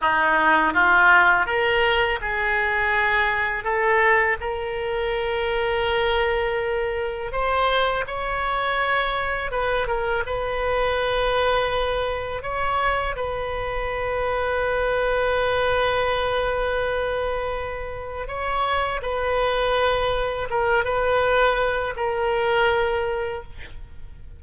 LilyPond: \new Staff \with { instrumentName = "oboe" } { \time 4/4 \tempo 4 = 82 dis'4 f'4 ais'4 gis'4~ | gis'4 a'4 ais'2~ | ais'2 c''4 cis''4~ | cis''4 b'8 ais'8 b'2~ |
b'4 cis''4 b'2~ | b'1~ | b'4 cis''4 b'2 | ais'8 b'4. ais'2 | }